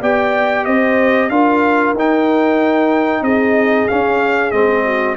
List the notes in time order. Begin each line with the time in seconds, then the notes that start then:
0.00 B3 G4 D5 G5
0.65 C4 C5 D#5
1.30 D4 F4 A#4 F5
1.94 D#4 G5
3.22 C4 G#4 D#5
3.88 C#4 F5
4.51 G#3 C4 D#5
4.85 F#4